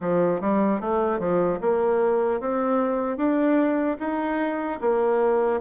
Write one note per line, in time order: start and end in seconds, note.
0.00 0.40 F3
0.40 0.80 G3
0.80 1.19 A3
1.19 1.59 F3
1.60 2.40 A#3
2.40 3.17 C4
3.17 3.97 D4
3.99 4.79 D#4
4.80 5.60 A#3